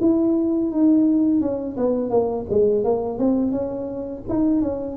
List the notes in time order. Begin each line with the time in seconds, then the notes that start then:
0.00 E4
0.71 D#4
1.41 C#4
1.77 B3
2.10 A#3
2.49 G#3
2.84 A#3
3.18 C4
3.51 C#4
4.29 D#4
4.61 C#4